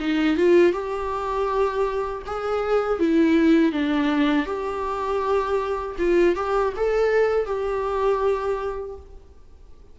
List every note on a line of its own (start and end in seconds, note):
0.00 0.37 D#4
0.37 0.73 F4
0.73 2.23 G4
2.27 2.99 G#4
2.99 3.72 E4
3.72 4.46 D4
4.46 5.96 G4
5.99 6.36 F4
6.36 6.74 G4
6.77 7.46 A4
7.46 8.96 G4